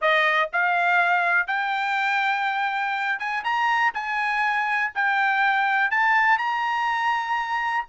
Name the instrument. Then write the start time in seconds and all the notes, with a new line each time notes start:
trumpet
0.01 D#5
0.52 F5
1.47 G5
3.19 G#5
3.44 A#5
3.93 G#5
4.94 G5
5.90 A5
6.38 A#5